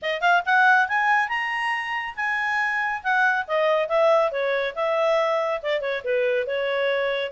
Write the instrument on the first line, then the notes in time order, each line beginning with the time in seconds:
clarinet
0.02 D#5
0.21 F5
0.45 F#5
0.88 G#5
1.28 A#5
2.16 G#5
3.03 F#5
3.47 D#5
3.88 E5
4.31 C#5
4.75 E5
5.62 D5
5.80 C#5
6.04 B4
6.46 C#5